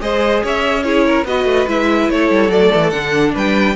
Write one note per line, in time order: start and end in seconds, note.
0.00 0.42 G#3
0.00 0.83 G#4
0.00 0.43 C5
0.00 0.43 D#5
0.43 1.24 C#4
0.43 0.84 C#5
0.43 0.83 E5
0.83 1.25 E4
0.83 1.06 G#4
0.83 1.24 C#5
1.06 1.27 A#4
1.24 1.45 B3
1.24 1.68 F#4
1.24 2.12 B4
1.24 1.68 D#5
1.45 1.65 A3
1.68 2.09 G#3
1.68 2.51 E4
1.68 2.10 E5
2.10 2.31 A3
2.10 3.34 A4
2.10 2.51 C#5
2.31 2.49 G3
2.49 2.70 F#3
2.49 2.93 A3
2.49 2.90 D5
2.74 2.92 E3
2.90 3.34 D3
2.90 3.76 D4
2.90 3.32 F#5
3.34 3.76 G3
3.34 3.76 B4
3.34 3.76 G5